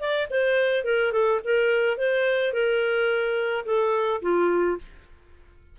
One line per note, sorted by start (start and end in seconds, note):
0.00 0.28 D5
0.30 0.84 C5
0.84 1.12 A#4
1.12 1.40 A4
1.44 1.98 A#4
1.98 2.53 C5
2.53 3.65 A#4
3.66 4.22 A4
4.22 4.78 F4